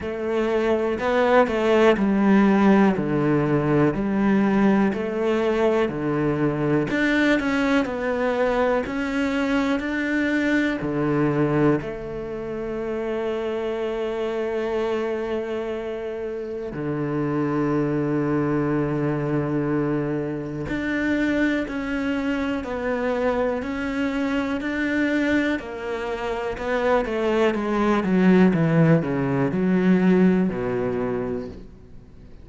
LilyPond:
\new Staff \with { instrumentName = "cello" } { \time 4/4 \tempo 4 = 61 a4 b8 a8 g4 d4 | g4 a4 d4 d'8 cis'8 | b4 cis'4 d'4 d4 | a1~ |
a4 d2.~ | d4 d'4 cis'4 b4 | cis'4 d'4 ais4 b8 a8 | gis8 fis8 e8 cis8 fis4 b,4 | }